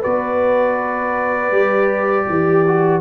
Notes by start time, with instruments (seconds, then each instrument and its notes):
0.00 tuba B3, trombone F#4, horn B4, trumpet D5
1.51 tuba G3, trombone G4
2.27 tuba E3, horn G4
2.68 trombone F#4